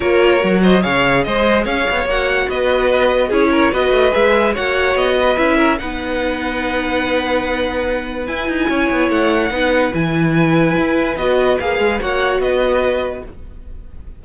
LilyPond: <<
  \new Staff \with { instrumentName = "violin" } { \time 4/4 \tempo 4 = 145 cis''4. dis''8 f''4 dis''4 | f''4 fis''4 dis''2 | cis''4 dis''4 e''4 fis''4 | dis''4 e''4 fis''2~ |
fis''1 | gis''2 fis''2 | gis''2. dis''4 | f''4 fis''4 dis''2 | }
  \new Staff \with { instrumentName = "violin" } { \time 4/4 ais'4. c''8 cis''4 c''4 | cis''2 b'2 | gis'8 ais'8 b'2 cis''4~ | cis''8 b'4 ais'8 b'2~ |
b'1~ | b'4 cis''2 b'4~ | b'1~ | b'4 cis''4 b'2 | }
  \new Staff \with { instrumentName = "viola" } { \time 4/4 f'4 fis'4 gis'2~ | gis'4 fis'2. | e'4 fis'4 gis'4 fis'4~ | fis'4 e'4 dis'2~ |
dis'1 | e'2. dis'4 | e'2. fis'4 | gis'4 fis'2. | }
  \new Staff \with { instrumentName = "cello" } { \time 4/4 ais4 fis4 cis4 gis4 | cis'8 b8 ais4 b2 | cis'4 b8 a8 gis4 ais4 | b4 cis'4 b2~ |
b1 | e'8 dis'8 cis'8 b8 a4 b4 | e2 e'4 b4 | ais8 gis8 ais4 b2 | }
>>